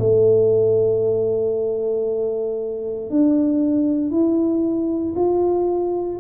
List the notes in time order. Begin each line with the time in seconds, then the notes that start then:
0.00 A3
3.10 D4
4.11 E4
5.16 F4